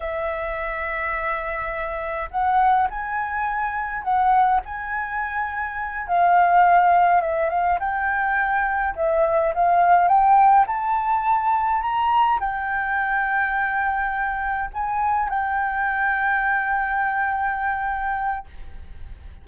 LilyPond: \new Staff \with { instrumentName = "flute" } { \time 4/4 \tempo 4 = 104 e''1 | fis''4 gis''2 fis''4 | gis''2~ gis''8 f''4.~ | f''8 e''8 f''8 g''2 e''8~ |
e''8 f''4 g''4 a''4.~ | a''8 ais''4 g''2~ g''8~ | g''4. gis''4 g''4.~ | g''1 | }